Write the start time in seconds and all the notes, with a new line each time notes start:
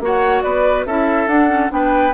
0.00 A#3 F#4 C#5
0.06 F#5
0.42 B3 B4 D5
0.86 C#4 E4 A4 E5
1.27 D4 F#5
1.49 C#4
1.69 B3 D4 B4 G5